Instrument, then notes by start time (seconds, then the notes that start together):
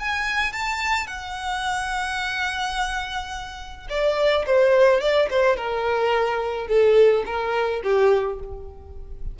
violin
0.00 G#5
0.53 A5
1.08 F#5
3.90 D5
4.47 C5
5.01 D5
5.31 C5
5.57 A#4
6.68 A4
7.26 A#4
7.84 G4